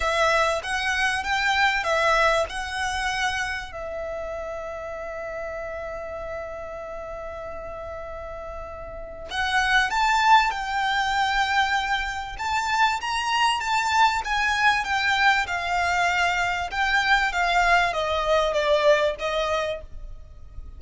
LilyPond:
\new Staff \with { instrumentName = "violin" } { \time 4/4 \tempo 4 = 97 e''4 fis''4 g''4 e''4 | fis''2 e''2~ | e''1~ | e''2. fis''4 |
a''4 g''2. | a''4 ais''4 a''4 gis''4 | g''4 f''2 g''4 | f''4 dis''4 d''4 dis''4 | }